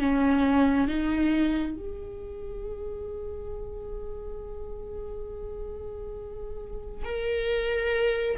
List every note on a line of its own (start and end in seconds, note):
0.00 0.88 C#4
0.88 1.76 D#4
1.76 7.05 G#4
7.05 8.38 A#4